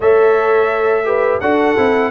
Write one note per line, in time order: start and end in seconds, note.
0.00 1.40 A3
0.00 1.05 A4
0.00 1.05 C#5
0.00 1.40 E5
1.05 1.40 G4
1.05 1.40 B4
1.40 1.75 D4
1.40 1.77 F#4
1.40 2.11 A4
1.40 2.11 F#5
1.77 2.11 C4
1.77 2.11 E4